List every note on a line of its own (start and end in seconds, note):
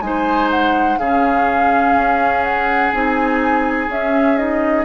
0.00 0.97 G#3
0.00 0.98 D#4
0.00 0.99 C5
0.00 0.48 G#5
0.50 0.98 F#5
0.98 1.95 C#3
0.98 2.92 C#4
0.98 4.84 G#4
0.98 2.43 F5
1.95 2.92 C#4
2.43 2.92 F#5
2.92 3.88 C4
2.92 3.88 D#4
2.92 3.90 G#5
3.88 4.84 C#4
3.88 4.37 C#4
3.88 4.37 E5
4.37 4.84 D#4
4.37 4.84 D#5